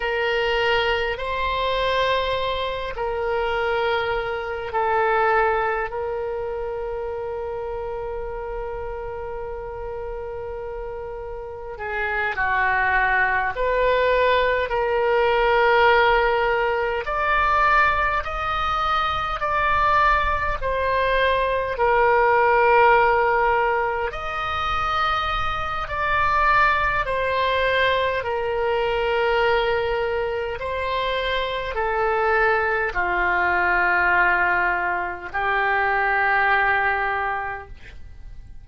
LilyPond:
\new Staff \with { instrumentName = "oboe" } { \time 4/4 \tempo 4 = 51 ais'4 c''4. ais'4. | a'4 ais'2.~ | ais'2 gis'8 fis'4 b'8~ | b'8 ais'2 d''4 dis''8~ |
dis''8 d''4 c''4 ais'4.~ | ais'8 dis''4. d''4 c''4 | ais'2 c''4 a'4 | f'2 g'2 | }